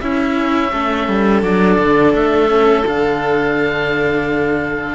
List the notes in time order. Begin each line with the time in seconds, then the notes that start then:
0.00 C#4 E4 E5
0.72 A3 A4
1.08 G3
1.42 F#3 D4 D5
1.78 D3
2.14 A3 E5
2.48 C#4
2.85 D3 D4 F5